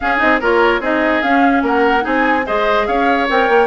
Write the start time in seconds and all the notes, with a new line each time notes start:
0.00 C#4 G#4 F5
0.17 C4 D#4 D#5
0.40 A#3 F4 A#4 C#5
0.80 C4 D#4 G#4 D#5
1.22 C#4 F5
1.62 A#3 A#4 F#5
2.01 C4 D#4 G#4 G#5
2.46 G#3 G#4 C5 D#5
2.86 C#4 C#5 F5
3.29 C4 A#4 G5
3.48 A#3